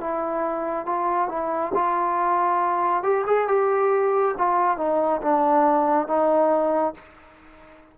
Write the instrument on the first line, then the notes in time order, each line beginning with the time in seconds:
trombone
0.00 E4
0.85 F4
1.28 E4
1.74 F4
3.03 G4
3.26 G#4
3.48 G4
4.37 F4
4.77 D#4
5.22 D4
6.07 D#4